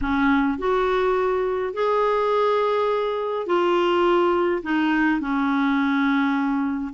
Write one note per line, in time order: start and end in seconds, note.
0.01 0.58 C#4
0.58 1.73 F#4
1.73 3.46 G#4
3.46 4.62 F4
4.62 5.20 D#4
5.20 6.93 C#4